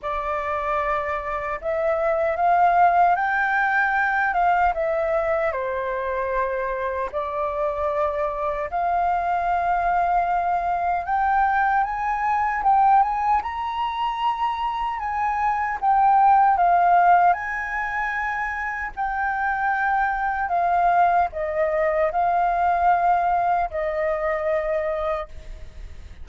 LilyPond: \new Staff \with { instrumentName = "flute" } { \time 4/4 \tempo 4 = 76 d''2 e''4 f''4 | g''4. f''8 e''4 c''4~ | c''4 d''2 f''4~ | f''2 g''4 gis''4 |
g''8 gis''8 ais''2 gis''4 | g''4 f''4 gis''2 | g''2 f''4 dis''4 | f''2 dis''2 | }